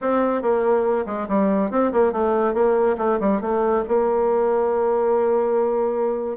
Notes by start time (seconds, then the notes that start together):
0.01 C4
0.42 A#3
1.06 G#3
1.28 G3
1.70 C4
1.92 A#3
2.12 A3
2.54 A#3
2.97 A3
3.20 G3
3.41 A3
3.88 A#3